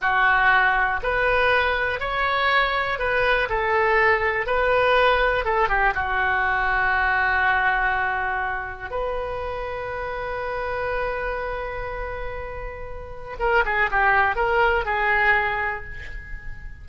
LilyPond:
\new Staff \with { instrumentName = "oboe" } { \time 4/4 \tempo 4 = 121 fis'2 b'2 | cis''2 b'4 a'4~ | a'4 b'2 a'8 g'8 | fis'1~ |
fis'2 b'2~ | b'1~ | b'2. ais'8 gis'8 | g'4 ais'4 gis'2 | }